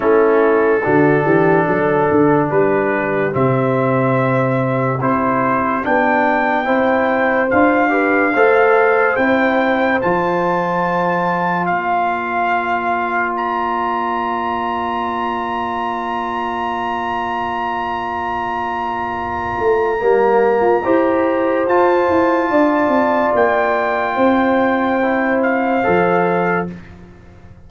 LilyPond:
<<
  \new Staff \with { instrumentName = "trumpet" } { \time 4/4 \tempo 4 = 72 a'2. b'4 | e''2 c''4 g''4~ | g''4 f''2 g''4 | a''2 f''2 |
ais''1~ | ais''1~ | ais''2 a''2 | g''2~ g''8 f''4. | }
  \new Staff \with { instrumentName = "horn" } { \time 4/4 e'4 fis'8 g'8 a'4 g'4~ | g'1 | c''4. b'8 c''2~ | c''2 d''2~ |
d''1~ | d''1~ | d''4 c''2 d''4~ | d''4 c''2. | }
  \new Staff \with { instrumentName = "trombone" } { \time 4/4 cis'4 d'2. | c'2 e'4 d'4 | e'4 f'8 g'8 a'4 e'4 | f'1~ |
f'1~ | f'1 | ais4 g'4 f'2~ | f'2 e'4 a'4 | }
  \new Staff \with { instrumentName = "tuba" } { \time 4/4 a4 d8 e8 fis8 d8 g4 | c2 c'4 b4 | c'4 d'4 a4 c'4 | f2 ais2~ |
ais1~ | ais2.~ ais8 a8 | g8. f'16 e'4 f'8 e'8 d'8 c'8 | ais4 c'2 f4 | }
>>